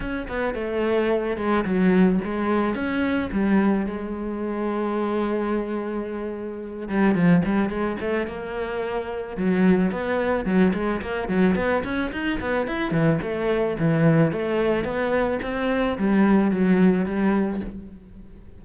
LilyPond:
\new Staff \with { instrumentName = "cello" } { \time 4/4 \tempo 4 = 109 cis'8 b8 a4. gis8 fis4 | gis4 cis'4 g4 gis4~ | gis1~ | gis8 g8 f8 g8 gis8 a8 ais4~ |
ais4 fis4 b4 fis8 gis8 | ais8 fis8 b8 cis'8 dis'8 b8 e'8 e8 | a4 e4 a4 b4 | c'4 g4 fis4 g4 | }